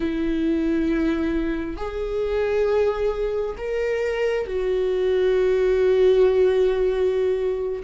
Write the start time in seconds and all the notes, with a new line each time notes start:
0.00 E4
1.77 G#4
3.57 A#4
4.47 F#4